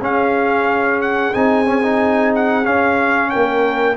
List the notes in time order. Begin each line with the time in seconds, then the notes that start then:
0.00 C#4 G#4 F5
1.02 F#5
1.34 C4 D#4 G#5
1.66 C#4
1.83 D#4
2.36 F#5
2.65 C#4 F5
3.30 A#3 A#4 G5